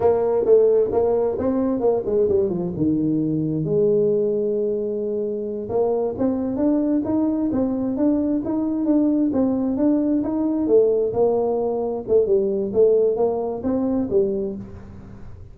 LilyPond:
\new Staff \with { instrumentName = "tuba" } { \time 4/4 \tempo 4 = 132 ais4 a4 ais4 c'4 | ais8 gis8 g8 f8 dis2 | gis1~ | gis8 ais4 c'4 d'4 dis'8~ |
dis'8 c'4 d'4 dis'4 d'8~ | d'8 c'4 d'4 dis'4 a8~ | a8 ais2 a8 g4 | a4 ais4 c'4 g4 | }